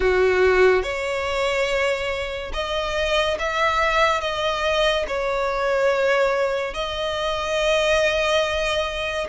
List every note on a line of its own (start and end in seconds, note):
0.00 0.83 F#4
0.83 2.52 C#5
2.53 3.37 D#5
3.38 4.21 E5
4.21 5.05 D#5
5.07 6.73 C#5
6.73 9.27 D#5